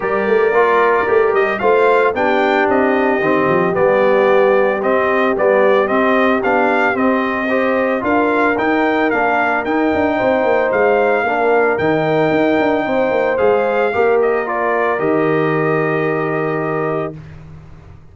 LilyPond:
<<
  \new Staff \with { instrumentName = "trumpet" } { \time 4/4 \tempo 4 = 112 d''2~ d''8 dis''8 f''4 | g''4 dis''2 d''4~ | d''4 dis''4 d''4 dis''4 | f''4 dis''2 f''4 |
g''4 f''4 g''2 | f''2 g''2~ | g''4 f''4. dis''8 d''4 | dis''1 | }
  \new Staff \with { instrumentName = "horn" } { \time 4/4 ais'2. c''4 | g'1~ | g'1~ | g'2 c''4 ais'4~ |
ais'2. c''4~ | c''4 ais'2. | c''2 ais'2~ | ais'1 | }
  \new Staff \with { instrumentName = "trombone" } { \time 4/4 g'4 f'4 g'4 f'4 | d'2 c'4 b4~ | b4 c'4 b4 c'4 | d'4 c'4 g'4 f'4 |
dis'4 d'4 dis'2~ | dis'4 d'4 dis'2~ | dis'4 gis'4 g'4 f'4 | g'1 | }
  \new Staff \with { instrumentName = "tuba" } { \time 4/4 g8 a8 ais4 a8 g8 a4 | b4 c'4 dis8 f8 g4~ | g4 c'4 g4 c'4 | b4 c'2 d'4 |
dis'4 ais4 dis'8 d'8 c'8 ais8 | gis4 ais4 dis4 dis'8 d'8 | c'8 ais8 gis4 ais2 | dis1 | }
>>